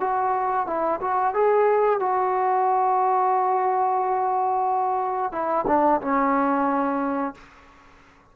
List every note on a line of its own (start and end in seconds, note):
0.00 0.67 F#4
0.67 1.00 E4
1.01 1.34 F#4
1.34 1.99 G#4
1.99 5.32 F#4
5.32 5.65 E4
5.67 6.01 D4
6.01 7.34 C#4